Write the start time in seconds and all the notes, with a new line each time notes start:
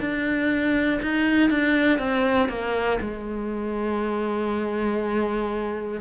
0.00 D4
1.02 D#4
1.50 D4
1.99 C4
2.49 A#3
3.00 G#3